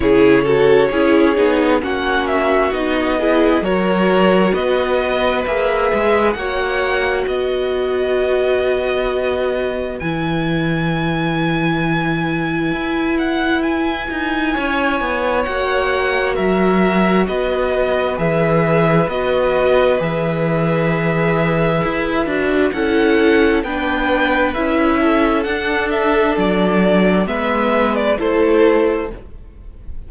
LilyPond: <<
  \new Staff \with { instrumentName = "violin" } { \time 4/4 \tempo 4 = 66 cis''2 fis''8 e''8 dis''4 | cis''4 dis''4 e''4 fis''4 | dis''2. gis''4~ | gis''2~ gis''8 fis''8 gis''4~ |
gis''4 fis''4 e''4 dis''4 | e''4 dis''4 e''2~ | e''4 fis''4 g''4 e''4 | fis''8 e''8 d''4 e''8. d''16 c''4 | }
  \new Staff \with { instrumentName = "violin" } { \time 4/4 gis'8 a'8 gis'4 fis'4. gis'8 | ais'4 b'2 cis''4 | b'1~ | b'1 |
cis''2 ais'4 b'4~ | b'1~ | b'4 a'4 b'4. a'8~ | a'2 b'4 a'4 | }
  \new Staff \with { instrumentName = "viola" } { \time 4/4 e'8 fis'8 e'8 dis'8 cis'4 dis'8 e'8 | fis'2 gis'4 fis'4~ | fis'2. e'4~ | e'1~ |
e'4 fis'2. | gis'4 fis'4 gis'2~ | gis'8 fis'8 e'4 d'4 e'4 | d'2 b4 e'4 | }
  \new Staff \with { instrumentName = "cello" } { \time 4/4 cis4 cis'8 b8 ais4 b4 | fis4 b4 ais8 gis8 ais4 | b2. e4~ | e2 e'4. dis'8 |
cis'8 b8 ais4 fis4 b4 | e4 b4 e2 | e'8 d'8 cis'4 b4 cis'4 | d'4 fis4 gis4 a4 | }
>>